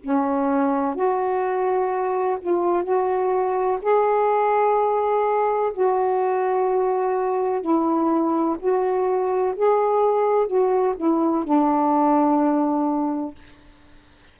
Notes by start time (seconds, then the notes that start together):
0.00 C#4
0.94 F#4
2.40 F4
2.83 F#4
3.81 G#4
5.73 F#4
7.61 E4
8.59 F#4
9.55 G#4
10.47 F#4
10.96 E4
11.44 D4